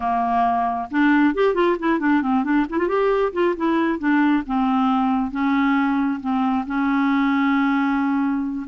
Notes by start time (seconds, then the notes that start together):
0.00 A#3
0.90 D4
1.34 G4
1.54 F4
1.79 E4
1.99 D4
2.21 C4
2.43 D4
2.69 E4
2.78 F4
2.87 G4
3.33 F4
3.56 E4
3.99 D4
4.46 C4
5.31 C#4
6.20 C4
6.66 C#4